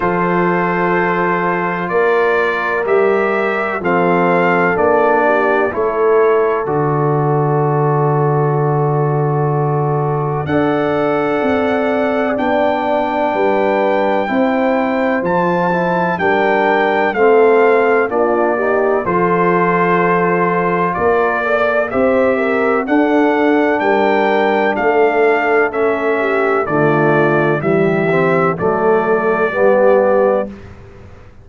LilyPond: <<
  \new Staff \with { instrumentName = "trumpet" } { \time 4/4 \tempo 4 = 63 c''2 d''4 e''4 | f''4 d''4 cis''4 d''4~ | d''2. fis''4~ | fis''4 g''2. |
a''4 g''4 f''4 d''4 | c''2 d''4 e''4 | fis''4 g''4 f''4 e''4 | d''4 e''4 d''2 | }
  \new Staff \with { instrumentName = "horn" } { \time 4/4 a'2 ais'2 | a'4. g'8 a'2~ | a'2. d''4~ | d''2 b'4 c''4~ |
c''4 ais'4 a'4 f'8 g'8 | a'2 ais'8 d''8 c''8 ais'8 | a'4 ais'4 a'4. g'8 | f'4 g'4 a'4 g'4 | }
  \new Staff \with { instrumentName = "trombone" } { \time 4/4 f'2. g'4 | c'4 d'4 e'4 fis'4~ | fis'2. a'4~ | a'4 d'2 e'4 |
f'8 e'8 d'4 c'4 d'8 dis'8 | f'2~ f'8 a'8 g'4 | d'2. cis'4 | a4 g8 c'8 a4 b4 | }
  \new Staff \with { instrumentName = "tuba" } { \time 4/4 f2 ais4 g4 | f4 ais4 a4 d4~ | d2. d'4 | c'4 b4 g4 c'4 |
f4 g4 a4 ais4 | f2 ais4 c'4 | d'4 g4 a2 | d4 e4 fis4 g4 | }
>>